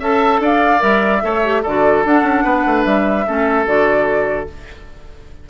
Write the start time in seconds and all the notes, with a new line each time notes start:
0.00 C#4 A4 E5 A5
0.40 D4 D5 F5
0.79 G3 A#4 E5
1.22 A3 A4 C#5
1.44 G4
1.62 D3 F#4 A4 D5
2.05 D4 F#5
2.23 C#4
2.44 B3 B4
2.66 A3
2.85 G3 E5
3.27 A3 C#4 A4
3.66 D3 F#4 D5